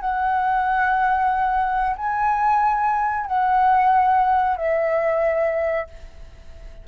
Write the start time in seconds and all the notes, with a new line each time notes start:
0.00 F#5
1.96 G#5
3.26 F#5
4.57 E5